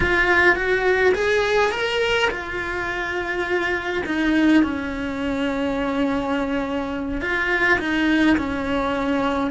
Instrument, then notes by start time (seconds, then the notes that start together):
cello
0.00 F4
0.55 F#4
1.14 G#4
1.71 A#4
2.30 F4
4.05 D#4
4.63 C#4
7.21 F4
7.79 D#4
8.37 C#4